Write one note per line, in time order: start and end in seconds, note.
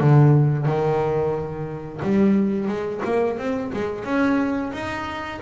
0.00 0.66 D3
0.66 2.00 D#3
2.03 2.68 G3
2.68 3.02 G#3
3.05 3.38 A#3
3.38 3.72 C4
3.74 4.05 G#3
4.05 4.72 C#4
4.73 5.41 D#4